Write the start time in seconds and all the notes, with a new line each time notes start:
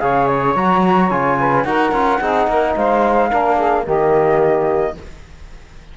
0.00 C#3 G#4 C#5 F5
0.27 C#5
0.55 F#3 F#4 A#5
1.10 C#3 F4 G#5
1.39 B4
1.64 D#4 F#4 A#4 F#5
1.92 C#4 F4
2.21 C4 D#4 G#4
2.47 A#3 A#4
2.76 G#3 C5 F5
3.30 A#3 D4 A#4
3.57 G#4
3.85 D#3 A#3 G4 D#5